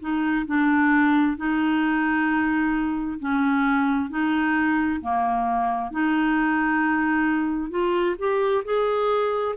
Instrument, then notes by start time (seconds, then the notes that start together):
clarinet
0.00 D#4
0.46 D4
1.37 D#4
3.19 C#4
4.10 D#4
5.00 A#3
5.91 D#4
7.70 F4
8.18 G4
8.64 G#4